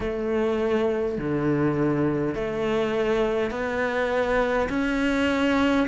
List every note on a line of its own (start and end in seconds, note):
0.00 1.18 A3
1.18 2.34 D3
2.34 3.50 A3
3.50 4.68 B3
4.68 5.86 C#4